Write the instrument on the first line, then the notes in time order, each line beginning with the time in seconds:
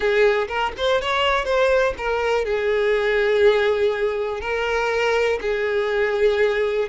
violin
0.00 G#4
0.47 A#4
0.77 C5
1.01 C#5
1.44 C5
1.97 A#4
2.44 G#4
4.40 A#4
5.41 G#4